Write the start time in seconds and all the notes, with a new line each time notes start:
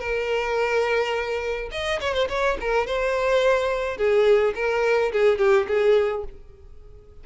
0.00 A#4
1.72 D#5
2.01 C#5
2.14 C5
2.30 C#5
2.61 A#4
2.87 C5
3.98 G#4
4.56 A#4
5.13 G#4
5.39 G4
5.68 G#4